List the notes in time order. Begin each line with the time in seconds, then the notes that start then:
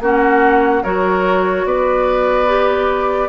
0.00 A#3 C#4 F#4 F#5
0.83 F#3 F#4 A#4 C#5
1.64 B3 B4 D5
2.47 G4